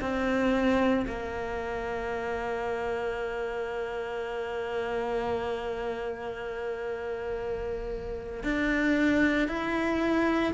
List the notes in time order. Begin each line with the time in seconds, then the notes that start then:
0.00 C4
1.07 A#3
8.43 D4
9.48 E4